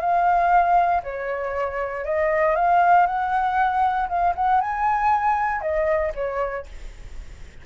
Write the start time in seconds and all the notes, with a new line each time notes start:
0.00 F5
1.03 C#5
2.04 D#5
2.55 F5
3.06 F#5
4.08 F5
4.35 F#5
4.61 G#5
5.61 D#5
6.15 C#5